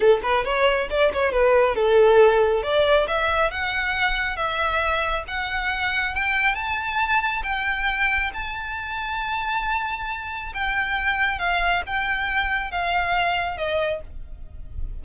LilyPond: \new Staff \with { instrumentName = "violin" } { \time 4/4 \tempo 4 = 137 a'8 b'8 cis''4 d''8 cis''8 b'4 | a'2 d''4 e''4 | fis''2 e''2 | fis''2 g''4 a''4~ |
a''4 g''2 a''4~ | a''1 | g''2 f''4 g''4~ | g''4 f''2 dis''4 | }